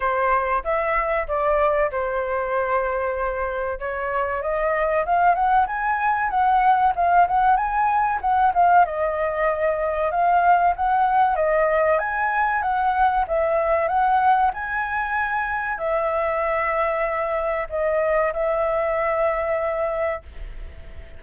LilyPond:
\new Staff \with { instrumentName = "flute" } { \time 4/4 \tempo 4 = 95 c''4 e''4 d''4 c''4~ | c''2 cis''4 dis''4 | f''8 fis''8 gis''4 fis''4 f''8 fis''8 | gis''4 fis''8 f''8 dis''2 |
f''4 fis''4 dis''4 gis''4 | fis''4 e''4 fis''4 gis''4~ | gis''4 e''2. | dis''4 e''2. | }